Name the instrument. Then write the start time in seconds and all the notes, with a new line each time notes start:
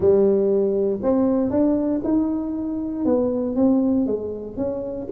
tuba
0.00 G3
1.02 C4
1.50 D4
2.04 D#4
3.05 B3
3.55 C4
4.06 G#3
4.56 C#4